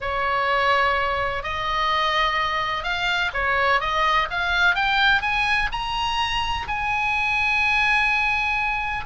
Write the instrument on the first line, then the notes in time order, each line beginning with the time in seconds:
oboe
0.00 C#5
1.43 D#5
2.83 F5
3.33 C#5
3.80 D#5
4.30 F5
4.75 G5
5.21 G#5
5.71 A#5
6.67 G#5